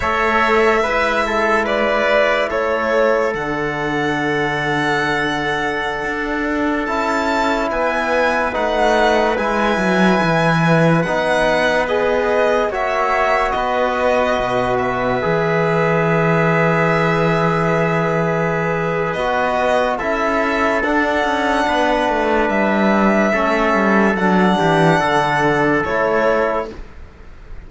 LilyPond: <<
  \new Staff \with { instrumentName = "violin" } { \time 4/4 \tempo 4 = 72 e''2 d''4 cis''4 | fis''1~ | fis''16 a''4 gis''4 fis''4 gis''8.~ | gis''4~ gis''16 fis''4 dis''4 e''8.~ |
e''16 dis''4. e''2~ e''16~ | e''2. dis''4 | e''4 fis''2 e''4~ | e''4 fis''2 cis''4 | }
  \new Staff \with { instrumentName = "trumpet" } { \time 4/4 cis''4 b'8 a'8 b'4 a'4~ | a'1~ | a'4~ a'16 b'2~ b'8.~ | b'2.~ b'16 cis''8.~ |
cis''16 b'2.~ b'8.~ | b'1 | a'2 b'2 | a'4. g'8 a'2 | }
  \new Staff \with { instrumentName = "trombone" } { \time 4/4 a'4 e'2. | d'1~ | d'16 e'2 dis'4 e'8.~ | e'4~ e'16 dis'4 gis'4 fis'8.~ |
fis'2~ fis'16 gis'4.~ gis'16~ | gis'2. fis'4 | e'4 d'2. | cis'4 d'2 e'4 | }
  \new Staff \with { instrumentName = "cello" } { \time 4/4 a4 gis2 a4 | d2.~ d16 d'8.~ | d'16 cis'4 b4 a4 gis8 fis16~ | fis16 e4 b2 ais8.~ |
ais16 b4 b,4 e4.~ e16~ | e2. b4 | cis'4 d'8 cis'8 b8 a8 g4 | a8 g8 fis8 e8 d4 a4 | }
>>